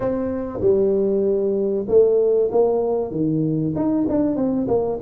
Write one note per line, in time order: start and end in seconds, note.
0.00 0.59 C4
0.61 1.86 G3
1.88 2.50 A3
2.51 3.11 A#3
3.11 3.73 D#3
3.75 4.07 D#4
4.09 4.36 D4
4.36 4.67 C4
4.67 4.99 A#3